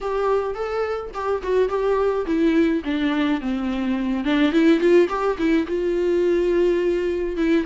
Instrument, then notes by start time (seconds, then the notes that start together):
viola
0.00 G4
0.55 A4
1.13 G4
1.43 F#4
1.69 G4
2.26 E4
2.84 D4
3.40 C4
4.24 D4
4.51 E4
4.80 F4
5.08 G4
5.38 E4
5.67 F4
7.36 E4